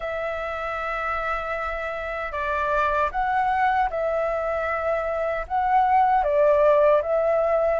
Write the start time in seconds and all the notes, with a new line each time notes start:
0.00 E5
2.32 D5
3.11 F#5
3.90 E5
5.47 F#5
6.23 D5
7.02 E5